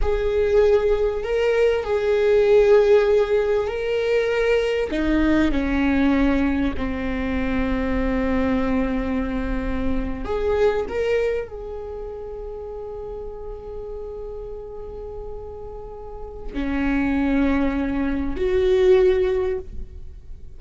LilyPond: \new Staff \with { instrumentName = "viola" } { \time 4/4 \tempo 4 = 98 gis'2 ais'4 gis'4~ | gis'2 ais'2 | dis'4 cis'2 c'4~ | c'1~ |
c'8. gis'4 ais'4 gis'4~ gis'16~ | gis'1~ | gis'2. cis'4~ | cis'2 fis'2 | }